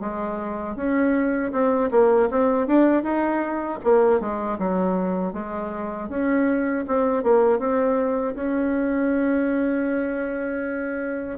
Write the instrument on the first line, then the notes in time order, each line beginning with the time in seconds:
bassoon
0.00 G#3
0.75 C#4
1.52 C4
1.91 A#3
2.30 C4
2.67 D4
3.03 D#4
3.84 A#3
4.20 G#3
4.58 F#3
5.33 G#3
6.09 C#4
6.87 C4
7.23 A#3
7.58 C4
8.34 C#4